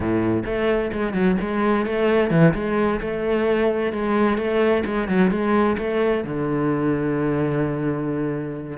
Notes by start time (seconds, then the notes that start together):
0.00 A2
0.45 A3
0.92 G#3
1.13 F#3
1.40 G#3
1.86 A3
2.30 E3
2.54 G#3
3.01 A3
3.92 G#3
4.37 A3
4.85 G#3
5.07 F#3
5.30 G#3
5.78 A3
6.23 D3